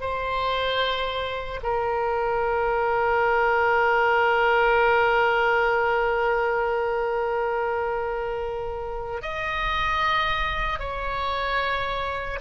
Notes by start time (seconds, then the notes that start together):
0.00 C5
1.62 A#4
9.22 D#5
10.79 C#5